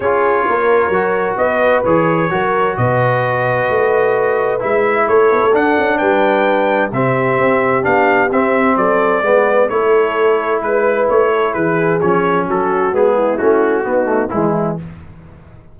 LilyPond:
<<
  \new Staff \with { instrumentName = "trumpet" } { \time 4/4 \tempo 4 = 130 cis''2. dis''4 | cis''2 dis''2~ | dis''2 e''4 cis''4 | fis''4 g''2 e''4~ |
e''4 f''4 e''4 d''4~ | d''4 cis''2 b'4 | cis''4 b'4 cis''4 a'4 | gis'4 fis'2 e'4 | }
  \new Staff \with { instrumentName = "horn" } { \time 4/4 gis'4 ais'2 b'4~ | b'4 ais'4 b'2~ | b'2. a'4~ | a'4 b'2 g'4~ |
g'2. a'4 | b'4 a'2 b'4~ | b'8 a'8 gis'2 fis'4~ | fis'8 e'4. dis'4 e'4 | }
  \new Staff \with { instrumentName = "trombone" } { \time 4/4 f'2 fis'2 | gis'4 fis'2.~ | fis'2 e'2 | d'2. c'4~ |
c'4 d'4 c'2 | b4 e'2.~ | e'2 cis'2 | b4 cis'4 b8 a8 gis4 | }
  \new Staff \with { instrumentName = "tuba" } { \time 4/4 cis'4 ais4 fis4 b4 | e4 fis4 b,2 | a2 gis4 a8 b16 a16 | d'8 cis'8 g2 c4 |
c'4 b4 c'4 fis4 | gis4 a2 gis4 | a4 e4 f4 fis4 | gis4 a4 b4 e4 | }
>>